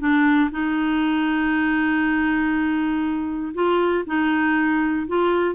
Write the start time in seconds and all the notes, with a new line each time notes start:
0.00 D4
0.52 D#4
3.54 F4
4.07 D#4
5.08 F4